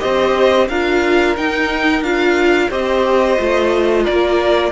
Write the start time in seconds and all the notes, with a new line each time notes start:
0.00 C4 G4 C5 D#5
0.69 D4 F4 A#4 F5
1.37 D#4 G5
2.02 D4 F4 F5
2.70 C4 G4 C5 D#5
3.38 A3 F4
4.04 A#3 A#4 D5